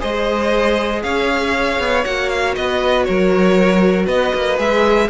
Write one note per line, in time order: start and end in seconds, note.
0.00 1.04 G#3
0.00 2.03 G#4
0.00 1.03 C5
0.00 1.03 D#5
1.03 1.80 C#4
1.03 2.56 C#5
1.03 2.05 F5
1.80 2.05 B3
2.05 2.57 A#3
2.05 4.58 F#4
2.05 2.30 F#5
2.30 2.55 F5
2.56 3.08 B3
2.56 3.07 B4
2.56 3.04 D#5
3.04 4.07 F#3
3.04 4.06 A#4
3.04 4.06 C#5
4.06 4.33 B3
4.06 5.08 B4
4.06 4.59 D#5
4.35 4.59 A#3
4.58 5.10 G#3
4.58 5.09 G#4
4.58 5.10 E5